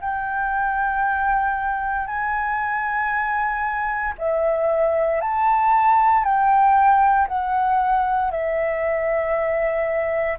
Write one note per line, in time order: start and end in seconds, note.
0.00 2.07 G5
2.07 4.14 G#5
4.18 5.21 E5
5.21 6.24 A5
6.24 7.27 G5
7.27 8.30 F#5
8.30 10.37 E5